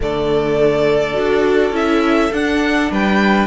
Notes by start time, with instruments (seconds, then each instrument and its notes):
0.00 cello D3, viola A3, violin A4 D5
1.14 cello D4, viola F#4
1.70 cello C#4, viola E4, violin E5
2.32 cello D4, viola D4, violin F#5
2.91 cello G3, violin B4 G5